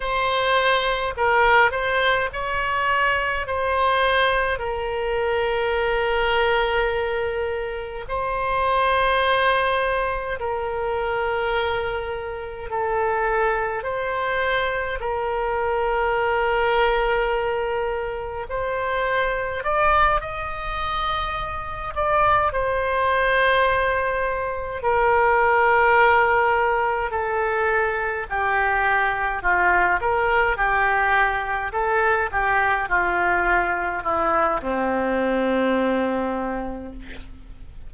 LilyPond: \new Staff \with { instrumentName = "oboe" } { \time 4/4 \tempo 4 = 52 c''4 ais'8 c''8 cis''4 c''4 | ais'2. c''4~ | c''4 ais'2 a'4 | c''4 ais'2. |
c''4 d''8 dis''4. d''8 c''8~ | c''4. ais'2 a'8~ | a'8 g'4 f'8 ais'8 g'4 a'8 | g'8 f'4 e'8 c'2 | }